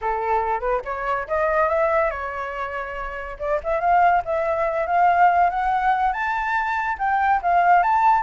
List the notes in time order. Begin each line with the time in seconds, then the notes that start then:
0.01 A4
0.60 B4
0.85 C#5
1.27 D#5
1.69 E5
2.10 C#5
3.39 D5
3.63 E5
3.80 F5
4.24 E5
4.86 F5
5.50 F#5
6.12 A5
6.98 G5
7.42 F5
7.82 A5